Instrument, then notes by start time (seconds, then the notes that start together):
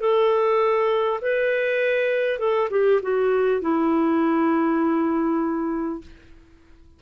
clarinet
0.00 A4
1.21 B4
2.39 A4
2.70 G4
3.02 F#4
3.61 E4